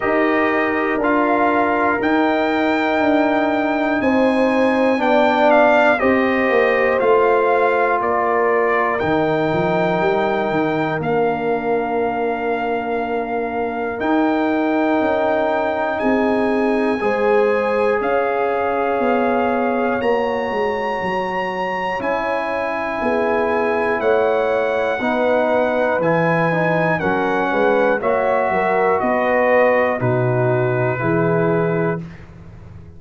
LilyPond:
<<
  \new Staff \with { instrumentName = "trumpet" } { \time 4/4 \tempo 4 = 60 dis''4 f''4 g''2 | gis''4 g''8 f''8 dis''4 f''4 | d''4 g''2 f''4~ | f''2 g''2 |
gis''2 f''2 | ais''2 gis''2 | fis''2 gis''4 fis''4 | e''4 dis''4 b'2 | }
  \new Staff \with { instrumentName = "horn" } { \time 4/4 ais'1 | c''4 d''4 c''2 | ais'1~ | ais'1 |
gis'4 c''4 cis''2~ | cis''2. gis'4 | cis''4 b'2 ais'8 b'8 | cis''8 ais'8 b'4 fis'4 gis'4 | }
  \new Staff \with { instrumentName = "trombone" } { \time 4/4 g'4 f'4 dis'2~ | dis'4 d'4 g'4 f'4~ | f'4 dis'2 d'4~ | d'2 dis'2~ |
dis'4 gis'2. | fis'2 e'2~ | e'4 dis'4 e'8 dis'8 cis'4 | fis'2 dis'4 e'4 | }
  \new Staff \with { instrumentName = "tuba" } { \time 4/4 dis'4 d'4 dis'4 d'4 | c'4 b4 c'8 ais8 a4 | ais4 dis8 f8 g8 dis8 ais4~ | ais2 dis'4 cis'4 |
c'4 gis4 cis'4 b4 | ais8 gis8 fis4 cis'4 b4 | a4 b4 e4 fis8 gis8 | ais8 fis8 b4 b,4 e4 | }
>>